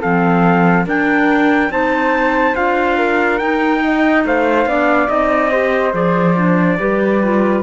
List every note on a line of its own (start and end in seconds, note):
0.00 0.86 F3
0.00 0.86 C4
0.00 0.85 A4
0.00 0.86 F5
0.86 1.69 D4
0.86 1.70 D4
0.86 1.70 A#4
0.86 1.72 G5
1.69 2.54 C4
1.69 2.55 D#4
1.69 2.96 C5
1.69 2.55 A5
2.55 3.41 D4
2.55 3.39 F4
2.55 3.38 F5
2.96 3.81 A#4
3.38 4.24 D#4
3.38 4.68 D#4
3.38 4.22 G5
3.83 4.26 D#5
4.24 4.65 A3
4.24 4.68 C5
4.24 5.08 F5
4.65 5.08 B3
4.65 5.07 D4
4.65 5.50 D5
5.07 5.93 C4
5.07 5.49 D#4
5.07 5.93 D#5
5.50 5.92 G4
5.50 6.77 C5
5.92 6.78 F3
5.92 6.35 G#4
5.92 7.63 D5
6.36 6.78 D4
6.78 7.63 G3
6.78 7.20 G4
6.78 7.63 B4
7.23 7.63 F4